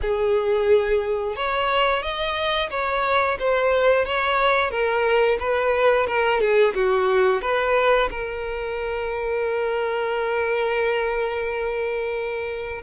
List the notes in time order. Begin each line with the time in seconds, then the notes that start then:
0.01 G#4
1.36 C#5
2.02 D#5
2.70 C#5
3.39 C5
4.05 C#5
4.70 A#4
5.39 B4
6.06 A#4
6.40 G#4
6.74 F#4
7.41 B4
8.10 A#4